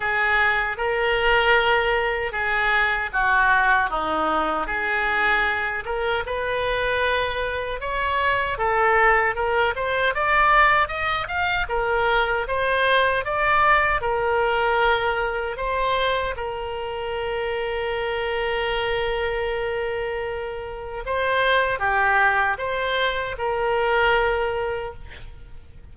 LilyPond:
\new Staff \with { instrumentName = "oboe" } { \time 4/4 \tempo 4 = 77 gis'4 ais'2 gis'4 | fis'4 dis'4 gis'4. ais'8 | b'2 cis''4 a'4 | ais'8 c''8 d''4 dis''8 f''8 ais'4 |
c''4 d''4 ais'2 | c''4 ais'2.~ | ais'2. c''4 | g'4 c''4 ais'2 | }